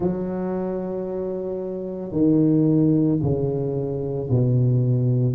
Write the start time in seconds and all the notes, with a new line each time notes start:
0.00 F#3
2.11 D#3
3.21 C#3
4.30 B2